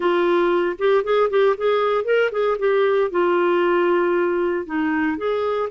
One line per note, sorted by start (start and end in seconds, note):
0.00 0.76 F4
0.78 1.03 G4
1.03 1.29 G#4
1.30 1.55 G4
1.57 2.04 G#4
2.04 2.30 A#4
2.31 2.57 G#4
2.59 3.10 G4
3.10 4.66 F4
4.66 5.17 D#4
5.17 5.69 G#4